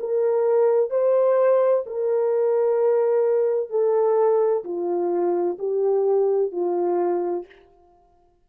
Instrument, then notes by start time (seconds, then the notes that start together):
horn
0.00 A#4
0.90 C5
1.86 A#4
3.70 A4
4.64 F4
5.59 G4
6.52 F4